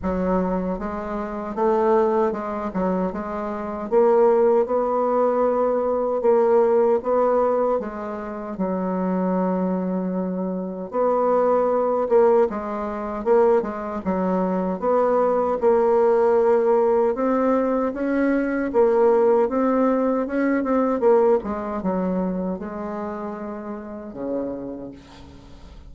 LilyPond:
\new Staff \with { instrumentName = "bassoon" } { \time 4/4 \tempo 4 = 77 fis4 gis4 a4 gis8 fis8 | gis4 ais4 b2 | ais4 b4 gis4 fis4~ | fis2 b4. ais8 |
gis4 ais8 gis8 fis4 b4 | ais2 c'4 cis'4 | ais4 c'4 cis'8 c'8 ais8 gis8 | fis4 gis2 cis4 | }